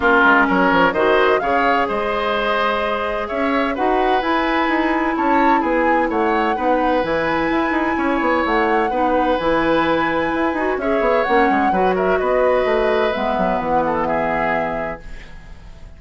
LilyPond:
<<
  \new Staff \with { instrumentName = "flute" } { \time 4/4 \tempo 4 = 128 ais'4 cis''4 dis''4 f''4 | dis''2. e''4 | fis''4 gis''2 a''4 | gis''4 fis''2 gis''4~ |
gis''2 fis''2 | gis''2. e''4 | fis''4. e''8 dis''2 | e''4 fis''4 e''2 | }
  \new Staff \with { instrumentName = "oboe" } { \time 4/4 f'4 ais'4 c''4 cis''4 | c''2. cis''4 | b'2. cis''4 | gis'4 cis''4 b'2~ |
b'4 cis''2 b'4~ | b'2. cis''4~ | cis''4 b'8 ais'8 b'2~ | b'4. a'8 gis'2 | }
  \new Staff \with { instrumentName = "clarinet" } { \time 4/4 cis'2 fis'4 gis'4~ | gis'1 | fis'4 e'2.~ | e'2 dis'4 e'4~ |
e'2. dis'4 | e'2~ e'8 fis'8 gis'4 | cis'4 fis'2. | b1 | }
  \new Staff \with { instrumentName = "bassoon" } { \time 4/4 ais8 gis8 fis8 f8 dis4 cis4 | gis2. cis'4 | dis'4 e'4 dis'4 cis'4 | b4 a4 b4 e4 |
e'8 dis'8 cis'8 b8 a4 b4 | e2 e'8 dis'8 cis'8 b8 | ais8 gis8 fis4 b4 a4 | gis8 fis8 e2. | }
>>